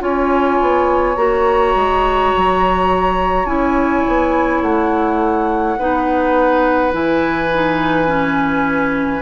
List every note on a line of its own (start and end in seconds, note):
0.00 0.60 C#4
0.00 1.15 F4
0.00 5.79 C#5
0.00 1.17 G#5
0.62 1.17 B3
1.17 1.75 A#3
1.17 3.47 F#4
1.17 3.46 A#5
1.76 2.33 G#3
2.37 3.45 F#3
3.45 4.03 C#4
3.45 5.77 E4
3.45 4.62 G#5
4.08 4.62 B3
4.62 5.77 A3
4.62 6.93 F#5
5.79 6.94 B3
5.79 6.93 D#4
5.79 9.22 B4
6.93 9.22 E3
6.93 7.50 E4
6.93 9.22 G#5
7.54 8.07 D#4
8.07 9.22 C#4